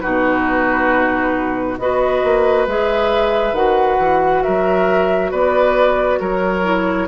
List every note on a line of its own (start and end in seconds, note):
0.00 1.78 B2
0.00 1.78 D#4
0.00 1.78 F#4
0.00 1.76 B4
1.78 2.22 B3
1.78 2.68 F#4
1.78 4.43 B4
1.78 2.66 D#5
2.23 2.66 A#3
2.66 3.52 G#3
2.66 3.55 G#4
2.66 3.54 E5
3.52 3.96 D#3
3.52 6.63 F#4
3.52 4.42 F#5
3.98 4.42 E3
4.42 5.31 F#3
4.42 5.31 A#4
4.42 5.31 E5
5.31 6.20 B3
5.31 6.19 B4
5.31 6.20 D5
6.19 7.07 F#3
6.19 7.07 A#4
6.19 7.07 C#5
6.63 7.07 E4